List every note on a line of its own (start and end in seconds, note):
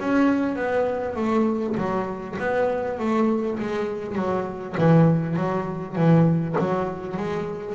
0.00 0.56 C#4
0.56 1.16 B3
1.16 1.76 A3
1.78 2.38 F#3
2.39 2.99 B3
2.99 3.59 A3
3.60 4.16 G#3
4.16 4.76 F#3
4.78 5.37 E3
5.37 5.96 F#3
5.96 6.56 E3
6.59 7.18 F#3
7.18 7.76 G#3